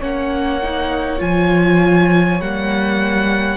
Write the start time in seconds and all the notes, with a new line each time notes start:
0.00 A#3 C#4 C#5 F#5
0.63 D#4
1.19 F3 F4 G#5
2.41 G3 A#3 F#5